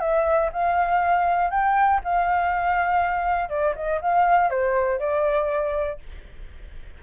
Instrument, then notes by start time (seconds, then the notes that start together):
flute
0.00 E5
0.53 F5
1.50 G5
2.04 F5
3.49 D5
3.75 D#5
4.01 F5
4.50 C5
4.99 D5